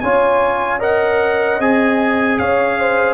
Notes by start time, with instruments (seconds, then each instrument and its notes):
0.00 tuba C#4, trombone F4, horn C#5, trumpet G#5
0.79 trombone A#4, horn D#5, trumpet F#5
1.59 tuba C4, trombone G#4, trumpet G#5
2.39 tuba C#4, horn C#5, trumpet F5
2.79 horn C5